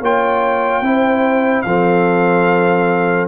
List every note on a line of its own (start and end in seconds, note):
0.00 0.81 A#3
0.00 0.83 F4
0.00 0.83 C#5
0.00 1.62 G5
0.81 1.63 C4
0.81 1.65 E4
0.81 1.66 C5
1.62 3.28 F3
1.62 3.28 C4
1.62 3.28 A4
1.62 3.26 F5